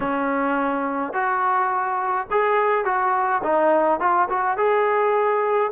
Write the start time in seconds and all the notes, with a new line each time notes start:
0.00 C#4
1.13 F#4
2.30 G#4
2.84 F#4
3.43 D#4
3.99 F4
4.29 F#4
4.57 G#4